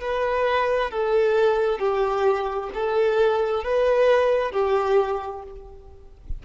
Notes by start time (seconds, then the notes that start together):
0.00 B4
0.90 A4
1.79 G4
2.74 A4
3.64 B4
4.51 G4